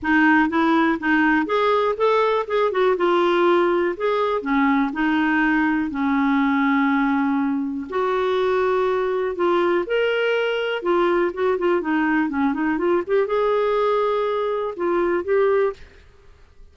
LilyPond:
\new Staff \with { instrumentName = "clarinet" } { \time 4/4 \tempo 4 = 122 dis'4 e'4 dis'4 gis'4 | a'4 gis'8 fis'8 f'2 | gis'4 cis'4 dis'2 | cis'1 |
fis'2. f'4 | ais'2 f'4 fis'8 f'8 | dis'4 cis'8 dis'8 f'8 g'8 gis'4~ | gis'2 f'4 g'4 | }